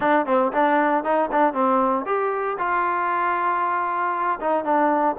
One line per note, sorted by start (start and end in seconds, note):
0.00 0.26 D4
0.26 0.52 C4
0.52 1.04 D4
1.04 1.30 D#4
1.31 1.53 D4
1.53 2.05 C4
2.05 2.57 G4
2.58 4.39 F4
4.40 4.64 D#4
4.64 5.16 D4